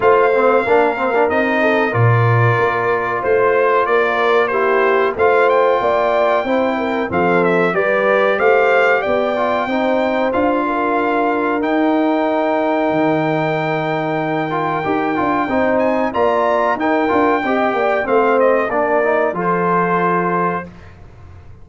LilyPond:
<<
  \new Staff \with { instrumentName = "trumpet" } { \time 4/4 \tempo 4 = 93 f''2 dis''4 d''4~ | d''4 c''4 d''4 c''4 | f''8 g''2~ g''8 f''8 e''8 | d''4 f''4 g''2 |
f''2 g''2~ | g''1~ | g''8 gis''8 ais''4 g''2 | f''8 dis''8 d''4 c''2 | }
  \new Staff \with { instrumentName = "horn" } { \time 4/4 c''4 ais'4. a'8 ais'4~ | ais'4 c''4 ais'4 g'4 | c''4 d''4 c''8 ais'8 a'4 | b'4 c''4 d''4 c''4~ |
c''8 ais'2.~ ais'8~ | ais'1 | c''4 d''4 ais'4 dis''8 d''8 | c''4 ais'4 a'2 | }
  \new Staff \with { instrumentName = "trombone" } { \time 4/4 f'8 c'8 d'8 c'16 d'16 dis'4 f'4~ | f'2. e'4 | f'2 e'4 c'4 | g'2~ g'8 f'8 dis'4 |
f'2 dis'2~ | dis'2~ dis'8 f'8 g'8 f'8 | dis'4 f'4 dis'8 f'8 g'4 | c'4 d'8 dis'8 f'2 | }
  \new Staff \with { instrumentName = "tuba" } { \time 4/4 a4 ais4 c'4 ais,4 | ais4 a4 ais2 | a4 ais4 c'4 f4 | g4 a4 b4 c'4 |
d'2 dis'2 | dis2. dis'8 d'8 | c'4 ais4 dis'8 d'8 c'8 ais8 | a4 ais4 f2 | }
>>